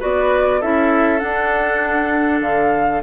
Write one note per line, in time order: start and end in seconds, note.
0.00 0.63 B3
0.00 0.61 F#4
0.00 0.61 B4
0.00 0.62 D5
0.61 1.23 C#4
0.61 1.20 E4
0.61 3.03 A4
0.61 1.20 E5
1.20 3.02 D4
1.20 2.41 D4
1.20 2.41 F#5
2.41 3.02 D3
2.41 3.02 F5